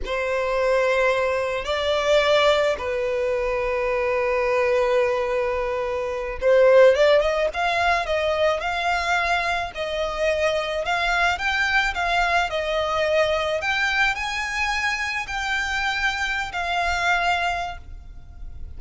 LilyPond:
\new Staff \with { instrumentName = "violin" } { \time 4/4 \tempo 4 = 108 c''2. d''4~ | d''4 b'2.~ | b'2.~ b'8 c''8~ | c''8 d''8 dis''8 f''4 dis''4 f''8~ |
f''4. dis''2 f''8~ | f''8 g''4 f''4 dis''4.~ | dis''8 g''4 gis''2 g''8~ | g''4.~ g''16 f''2~ f''16 | }